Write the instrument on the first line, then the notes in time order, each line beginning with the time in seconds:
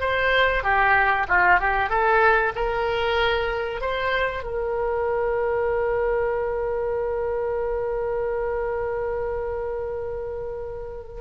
oboe
0.00 C5
0.63 G4
1.28 F4
1.60 G4
1.89 A4
2.55 A#4
3.81 C5
4.43 A#4